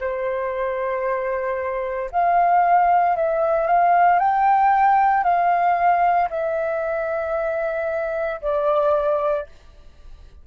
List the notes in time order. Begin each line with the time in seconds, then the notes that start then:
0.00 C5
2.12 F5
3.16 E5
3.67 F5
4.19 G5
5.23 F5
6.30 E5
8.42 D5